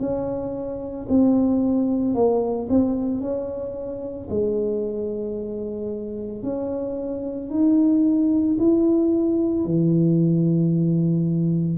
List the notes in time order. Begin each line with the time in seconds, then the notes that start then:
0.00 C#4
1.09 C4
2.15 A#3
2.70 C4
3.21 C#4
4.31 G#3
6.43 C#4
7.50 D#4
8.59 E4
9.65 E3